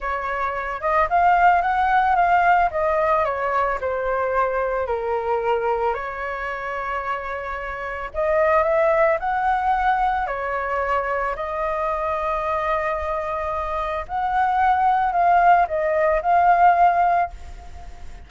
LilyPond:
\new Staff \with { instrumentName = "flute" } { \time 4/4 \tempo 4 = 111 cis''4. dis''8 f''4 fis''4 | f''4 dis''4 cis''4 c''4~ | c''4 ais'2 cis''4~ | cis''2. dis''4 |
e''4 fis''2 cis''4~ | cis''4 dis''2.~ | dis''2 fis''2 | f''4 dis''4 f''2 | }